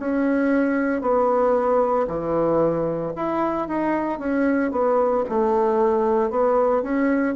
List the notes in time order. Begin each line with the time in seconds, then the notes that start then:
0.00 C#4
1.01 B3
2.08 E3
3.16 E4
3.68 D#4
4.19 C#4
4.72 B3
5.30 A3
6.31 B3
6.83 C#4